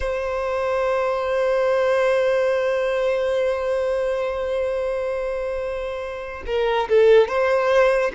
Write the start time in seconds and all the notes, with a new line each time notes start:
0.00 C5
6.46 A#4
6.88 A4
7.28 C5